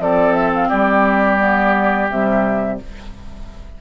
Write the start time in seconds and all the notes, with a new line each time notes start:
0.00 F3 C4 A4 D5
0.33 E5
0.55 F5
0.69 G3 G4 D5
1.39 B3
2.09 C3 G3 E5